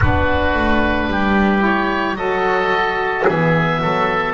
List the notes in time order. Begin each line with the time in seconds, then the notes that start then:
0.00 B3 D4 F#4 B4
0.53 A3
1.07 G3 G4
1.59 E4 C#5
2.16 F#3 F#4 A4 D#5
3.26 E3 B3 G#4 E5
3.81 F#3 A4